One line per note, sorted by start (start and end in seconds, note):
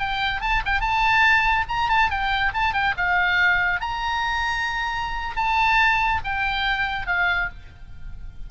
0.00 0.41 G5
0.41 0.63 A5
0.66 0.81 G5
0.81 1.66 A5
1.69 1.89 A#5
1.89 2.10 A5
2.11 2.53 G5
2.54 2.74 A5
2.74 2.95 G5
2.97 3.81 F5
3.81 5.37 A#5
5.37 6.21 A5
6.25 7.07 G5
7.07 7.49 F5